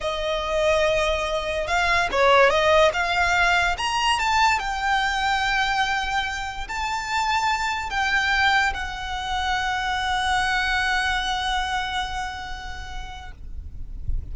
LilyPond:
\new Staff \with { instrumentName = "violin" } { \time 4/4 \tempo 4 = 144 dis''1 | f''4 cis''4 dis''4 f''4~ | f''4 ais''4 a''4 g''4~ | g''1 |
a''2. g''4~ | g''4 fis''2.~ | fis''1~ | fis''1 | }